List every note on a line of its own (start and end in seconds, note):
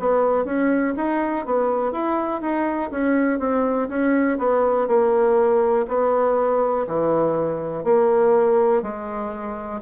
0.00 0.45 B3
0.45 0.94 C#4
0.97 1.46 D#4
1.46 1.93 B3
1.93 2.41 E4
2.41 2.91 D#4
2.92 3.39 C#4
3.39 3.89 C4
3.89 4.39 C#4
4.39 4.88 B3
4.88 5.86 A#3
5.88 6.87 B3
6.88 7.85 E3
7.85 8.83 A#3
8.83 9.81 G#3